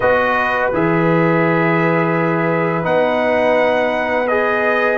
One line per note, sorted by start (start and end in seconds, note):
0.00 0.72 B3
0.00 0.72 F#4
0.00 4.98 B4
0.00 0.69 D#5
0.73 2.84 E3
0.73 2.82 G#4
0.73 2.85 E5
2.82 4.98 B3
2.82 4.25 D#4
2.82 4.27 F#5
4.27 4.98 G#4
4.27 4.98 D#5